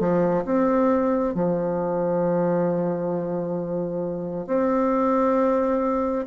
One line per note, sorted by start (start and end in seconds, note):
0.00 0.45 F3
0.45 1.35 C4
1.35 4.47 F3
4.47 6.26 C4